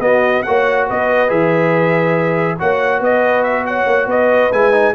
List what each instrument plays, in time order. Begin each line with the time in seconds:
0.00 tuba B3, trombone B3, horn F#4, trumpet D#5
0.43 tuba A#3, trombone F#4, horn C#5, trumpet F#5
0.87 tuba B3, horn B4, trumpet D#5
1.29 tuba E3, trombone G#4, trumpet E5
2.59 tuba A#3, trombone F#4, horn C#5, trumpet F#5
3.00 tuba B3, horn B4, trumpet D#5
3.44 trumpet E5
3.67 horn C#5, trumpet F#5
3.87 tuba A#3
4.07 tuba B3, horn B4, trumpet D#5
4.52 tuba G#3, trombone E4, trumpet G#5
4.72 trombone D#4